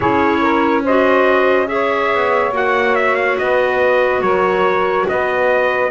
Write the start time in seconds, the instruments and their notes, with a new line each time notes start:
0.00 double bass C#4, clarinet E4, saxophone G#4, trumpet C#5
0.41 saxophone A#4
0.83 clarinet F#4, saxophone C5, trumpet D#5
1.66 clarinet G#4, trumpet E5
1.73 saxophone C#5
2.14 double bass B3
2.51 double bass A#3, clarinet F#4, trumpet F#5
2.95 trumpet E5
3.15 trumpet F5
3.37 double bass B3, saxophone B4, trumpet D#5
4.20 double bass F#3, saxophone A#4, trumpet C#5
5.08 double bass B3, saxophone B4, trumpet D#5